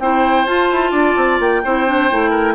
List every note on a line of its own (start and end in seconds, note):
0.00 0.47 C4
0.00 0.47 E4
0.00 0.92 C5
0.00 0.46 G5
0.46 0.70 F4
0.46 1.64 F4
0.46 1.39 A5
0.72 0.92 E4
0.92 1.15 D4
0.92 1.62 D5
1.17 1.40 C4
1.40 1.63 A#3
1.40 2.55 G5
1.64 2.12 C4
1.64 1.87 E4
1.64 2.31 C5
1.87 2.10 D4
2.11 2.55 A3
2.11 2.55 E4
2.31 2.54 A#4